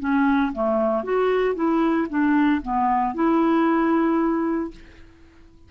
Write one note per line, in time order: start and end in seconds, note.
0.00 0.52 C#4
0.53 1.04 A3
1.04 1.55 F#4
1.55 2.07 E4
2.10 2.62 D4
2.62 3.14 B3
3.15 4.71 E4